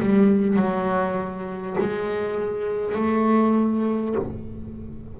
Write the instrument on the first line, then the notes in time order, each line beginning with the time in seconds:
double bass
0.00 G3
0.56 F#3
1.80 G#3
2.95 A3